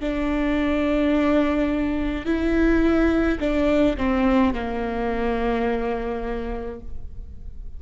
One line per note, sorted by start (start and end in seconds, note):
0.00 2.25 D4
2.25 3.38 E4
3.40 3.96 D4
3.97 4.53 C4
4.53 6.80 A#3